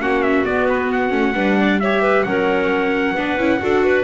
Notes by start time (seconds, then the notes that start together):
0.00 A#3 C#4 F#4 F#5
0.23 E5
0.45 B3 D5
0.69 B4
0.92 F#5
1.10 A3 C#4
1.34 G3 D4 B4
1.59 D5
1.80 G4 C#5 E5
2.03 B4
2.24 F#3 C#4 A#4 F#5
3.15 B3 D4 B4
3.38 C#4 E4
3.59 D4 F#4 A4
3.85 B4